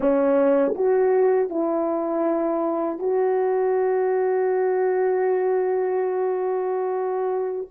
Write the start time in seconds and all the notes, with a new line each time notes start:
0.00 C#4
0.74 F#4
1.49 E4
2.99 F#4